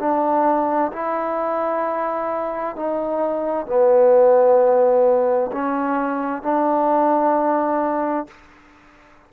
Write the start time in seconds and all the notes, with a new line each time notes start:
0.00 D4
0.93 E4
2.77 D#4
3.67 B3
5.53 C#4
6.43 D4